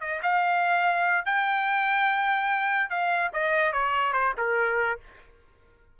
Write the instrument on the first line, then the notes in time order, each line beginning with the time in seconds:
trumpet
0.00 D#5
0.22 F5
1.25 G5
2.89 F5
3.33 D#5
3.72 C#5
4.12 C5
4.37 A#4